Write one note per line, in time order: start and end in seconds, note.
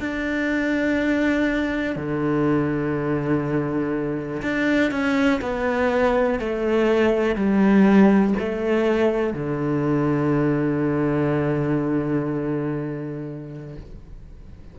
0.00 1.96 D4
1.96 4.42 D3
4.43 4.91 D4
4.91 5.41 C#4
5.41 6.39 B3
6.39 7.35 A3
7.35 8.34 G3
8.39 9.34 A3
9.34 13.76 D3